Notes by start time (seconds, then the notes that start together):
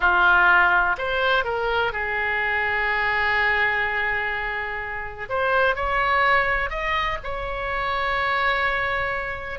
0.00 F4
0.98 C5
1.44 A#4
1.92 G#4
5.29 C5
5.75 C#5
6.70 D#5
7.23 C#5